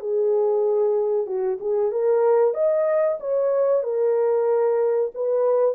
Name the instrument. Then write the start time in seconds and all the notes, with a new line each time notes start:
horn
0.00 G#4
1.26 F#4
1.60 G#4
1.92 A#4
2.54 D#5
3.20 C#5
3.84 A#4
5.14 B4